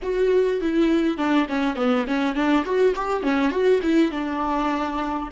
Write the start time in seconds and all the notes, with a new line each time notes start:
0.02 F#4
0.61 E4
1.17 D4
1.49 C#4
1.76 B3
2.07 C#4
2.35 D4
2.65 F#4
2.95 G4
3.22 C#4
3.51 F#4
3.82 E4
4.11 D4